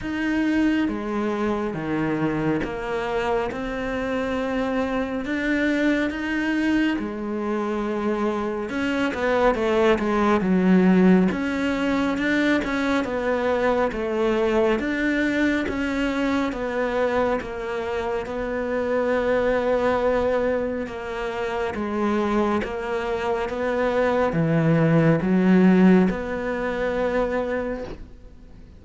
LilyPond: \new Staff \with { instrumentName = "cello" } { \time 4/4 \tempo 4 = 69 dis'4 gis4 dis4 ais4 | c'2 d'4 dis'4 | gis2 cis'8 b8 a8 gis8 | fis4 cis'4 d'8 cis'8 b4 |
a4 d'4 cis'4 b4 | ais4 b2. | ais4 gis4 ais4 b4 | e4 fis4 b2 | }